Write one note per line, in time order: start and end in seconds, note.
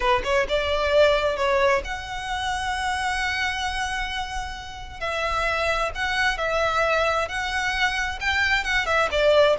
0.00 0.22 B4
0.24 0.46 C#5
0.49 1.36 D5
1.36 1.82 C#5
1.84 5.00 F#5
5.00 5.91 E5
5.94 6.37 F#5
6.37 7.28 E5
7.28 8.19 F#5
8.20 8.64 G5
8.64 8.86 F#5
8.86 9.08 E5
9.11 9.56 D5